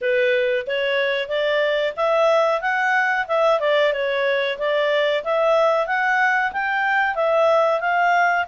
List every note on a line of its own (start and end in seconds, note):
0.01 0.66 B4
0.67 1.28 C#5
1.28 1.93 D5
1.96 2.61 E5
2.61 3.26 F#5
3.27 3.60 E5
3.60 3.92 D5
3.92 4.58 C#5
4.58 5.24 D5
5.24 5.86 E5
5.86 6.52 F#5
6.52 7.15 G5
7.15 7.80 E5
7.80 8.45 F5